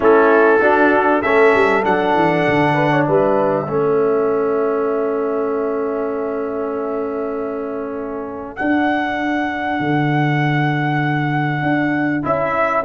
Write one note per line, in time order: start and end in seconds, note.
0.00 0.61 A3
0.00 0.60 C#4
0.00 0.61 E4
0.00 1.21 A4
0.61 1.22 D4
0.61 1.22 F#4
1.21 1.54 A3
1.21 1.83 C#4
1.21 2.74 A4
1.21 1.83 E5
1.54 1.85 G3
1.83 2.14 F#3
1.83 3.66 D4
1.83 3.04 F#5
2.14 2.45 E3
2.47 3.07 D3
2.74 2.89 B4
2.91 3.06 C#5
3.04 3.68 G3
3.04 3.67 B4
3.04 8.55 E5
3.67 8.58 A3
3.67 8.56 C#4
3.67 12.85 A4
8.56 12.22 D4
8.56 9.79 D4
8.56 12.23 F#5
9.79 11.62 D3
11.62 12.23 D4
12.22 12.85 C#4
12.22 12.83 E4
12.22 12.85 E5